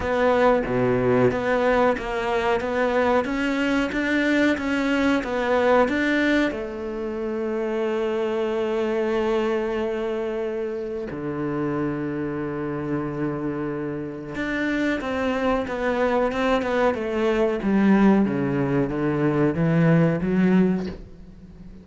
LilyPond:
\new Staff \with { instrumentName = "cello" } { \time 4/4 \tempo 4 = 92 b4 b,4 b4 ais4 | b4 cis'4 d'4 cis'4 | b4 d'4 a2~ | a1~ |
a4 d2.~ | d2 d'4 c'4 | b4 c'8 b8 a4 g4 | cis4 d4 e4 fis4 | }